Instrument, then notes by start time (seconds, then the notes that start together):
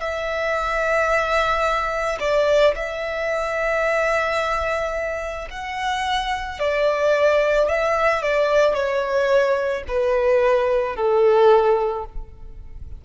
violin
0.00 E5
2.20 D5
2.75 E5
5.50 F#5
6.59 D5
7.68 E5
8.22 D5
8.74 C#5
9.87 B4
10.95 A4